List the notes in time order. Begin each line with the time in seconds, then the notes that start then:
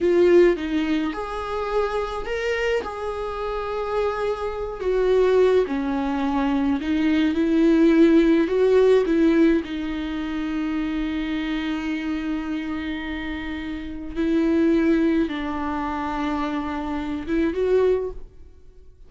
0.01 F4
0.56 D#4
1.13 G#4
2.26 A#4
2.83 G#4
4.80 F#4
5.66 C#4
6.81 D#4
7.34 E4
8.47 F#4
9.06 E4
9.64 D#4
14.16 E4
15.28 D4
17.27 E4
17.53 F#4